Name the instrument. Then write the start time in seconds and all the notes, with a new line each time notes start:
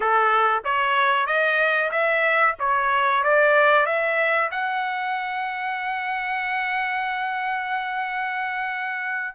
trumpet
0.00 A4
0.64 C#5
1.26 D#5
1.91 E5
2.59 C#5
3.23 D5
3.86 E5
4.51 F#5